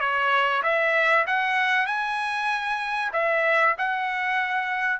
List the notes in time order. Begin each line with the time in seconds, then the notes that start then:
0.00 C#5
0.63 E5
1.27 F#5
1.86 G#5
3.13 E5
3.78 F#5